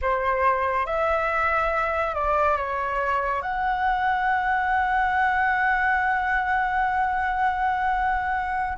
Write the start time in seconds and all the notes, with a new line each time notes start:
0.01 C5
0.86 E5
2.14 D5
2.57 C#5
3.42 F#5